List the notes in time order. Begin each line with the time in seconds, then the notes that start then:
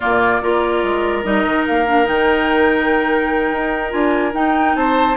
0.00 A#2 A#3 F4 D5
0.42 A#3 F4 A#4
0.83 G#3
1.23 G3 D#4 D#5
1.45 D#3
1.66 A#3 F5
1.86 D4
2.03 D#3 D#4 G5
3.52 D#4
3.90 D4 F4 G#5
4.33 D#4 G5
4.75 C4 C5 A5